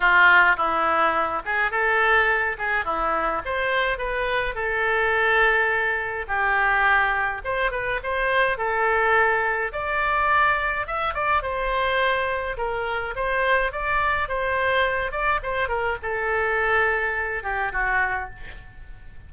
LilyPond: \new Staff \with { instrumentName = "oboe" } { \time 4/4 \tempo 4 = 105 f'4 e'4. gis'8 a'4~ | a'8 gis'8 e'4 c''4 b'4 | a'2. g'4~ | g'4 c''8 b'8 c''4 a'4~ |
a'4 d''2 e''8 d''8 | c''2 ais'4 c''4 | d''4 c''4. d''8 c''8 ais'8 | a'2~ a'8 g'8 fis'4 | }